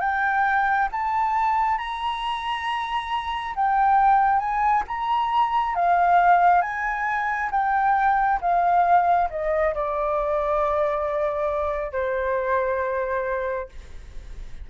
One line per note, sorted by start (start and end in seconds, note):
0.00 0.89 G5
0.92 1.78 A5
1.78 3.55 A#5
3.56 4.39 G5
4.39 4.83 G#5
4.88 5.75 A#5
5.75 6.62 F5
6.62 7.50 G#5
7.51 8.39 G5
8.41 9.29 F5
9.30 9.74 D#5
9.75 11.92 D5
11.92 13.69 C5